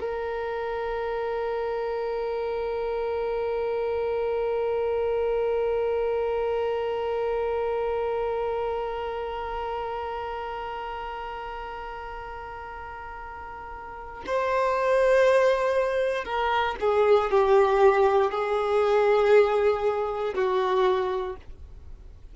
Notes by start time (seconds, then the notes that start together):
0.00 A#4
14.26 C5
16.24 A#4
16.80 G#4
17.31 G4
18.31 G#4
20.34 F#4